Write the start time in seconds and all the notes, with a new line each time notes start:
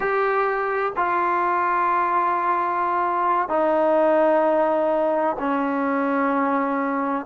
0.00 G4
0.96 F4
3.49 D#4
5.39 C#4